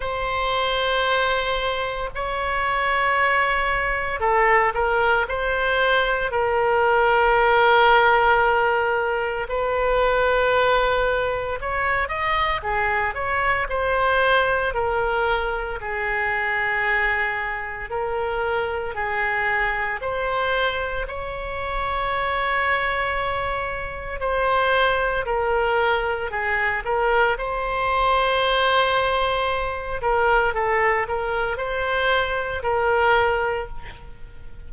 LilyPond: \new Staff \with { instrumentName = "oboe" } { \time 4/4 \tempo 4 = 57 c''2 cis''2 | a'8 ais'8 c''4 ais'2~ | ais'4 b'2 cis''8 dis''8 | gis'8 cis''8 c''4 ais'4 gis'4~ |
gis'4 ais'4 gis'4 c''4 | cis''2. c''4 | ais'4 gis'8 ais'8 c''2~ | c''8 ais'8 a'8 ais'8 c''4 ais'4 | }